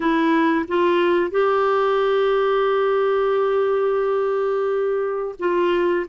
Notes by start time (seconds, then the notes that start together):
0.00 E4
0.68 F4
1.31 G4
5.39 F4